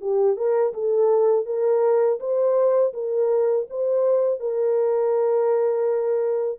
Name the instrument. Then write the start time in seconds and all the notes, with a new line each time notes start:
horn
0.00 G4
0.36 A#4
0.73 A4
1.46 A#4
2.20 C5
2.93 A#4
3.70 C5
4.39 A#4